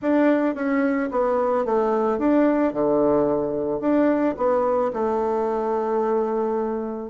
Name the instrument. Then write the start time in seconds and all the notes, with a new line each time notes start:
bassoon
0.01 D4
0.55 C#4
1.11 B3
1.65 A3
2.18 D4
2.73 D3
3.80 D4
4.37 B3
4.93 A3